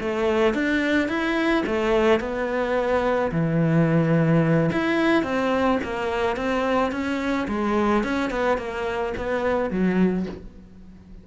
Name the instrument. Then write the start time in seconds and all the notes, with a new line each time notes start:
cello
0.00 A3
0.54 D4
1.08 E4
1.66 A3
2.20 B3
3.31 E3
4.72 E4
5.23 C4
5.83 A#3
6.36 C4
6.91 C#4
7.48 G#3
8.04 C#4
8.30 B3
8.57 A#3
9.17 B3
9.70 F#3